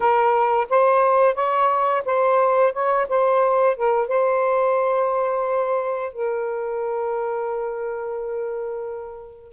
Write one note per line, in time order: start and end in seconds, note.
0.00 0.67 A#4
0.69 1.34 C5
1.34 2.02 C#5
2.05 2.72 C5
2.72 3.07 C#5
3.08 3.76 C5
3.76 4.08 A#4
4.08 6.12 C5
6.12 9.52 A#4